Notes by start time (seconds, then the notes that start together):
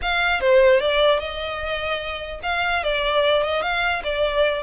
0.02 F5
0.40 C5
0.80 D5
1.19 D#5
2.43 F5
2.83 D5
3.42 D#5
3.61 F5
4.03 D5